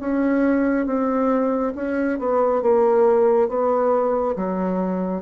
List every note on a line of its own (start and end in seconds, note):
0.00 0.86 C#4
0.86 1.73 C4
1.75 2.19 C#4
2.19 2.62 B3
2.62 3.48 A#3
3.48 4.35 B3
4.36 5.22 F#3